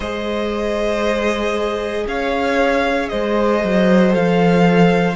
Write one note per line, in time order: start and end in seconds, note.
0.00 2.05 G#3
0.00 4.10 G#4
0.00 2.03 C5
0.00 2.06 D#5
2.07 3.10 C#4
2.07 3.10 C#5
2.07 3.08 F5
3.08 3.64 G#3
3.08 5.16 C5
3.08 4.12 D#5
3.64 4.15 F#3
4.10 5.16 F3
4.10 5.14 A4
4.10 5.16 F5